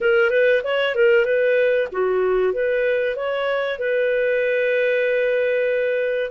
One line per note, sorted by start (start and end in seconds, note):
0.01 0.30 A#4
0.30 0.61 B4
0.63 0.95 C#5
0.95 1.25 A#4
1.25 1.88 B4
1.91 2.53 F#4
2.53 3.16 B4
3.16 3.78 C#5
3.78 6.30 B4